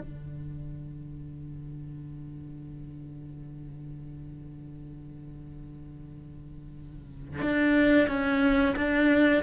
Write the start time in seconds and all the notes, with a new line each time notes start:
0.00 D3
7.42 D4
8.08 C#4
8.76 D4